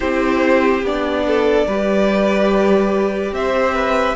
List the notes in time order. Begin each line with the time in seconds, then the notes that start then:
0.00 C4 E4 G4 C5
0.82 B3 D4 D5
1.27 A4
1.67 G3 G4 B4
3.32 C4 C5 E5
3.74 B4